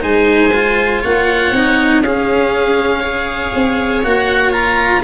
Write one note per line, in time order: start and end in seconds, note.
0.00 1.03 G#3
0.00 0.50 D#4
0.00 1.01 C5
0.00 1.02 G#5
0.54 1.54 F4
1.01 1.51 A#3
1.01 2.01 C#5
1.01 2.03 F#5
1.51 2.01 C4
1.51 2.04 D#4
2.01 3.51 C#4
2.01 3.04 C#4
2.01 2.99 G#4
2.01 4.03 F5
2.99 4.04 G#4
2.99 4.99 C#5
3.54 4.04 C4
4.03 5.04 A#3
4.03 4.52 F#4
4.03 4.53 F#5
4.52 5.02 F4
4.52 5.03 A#5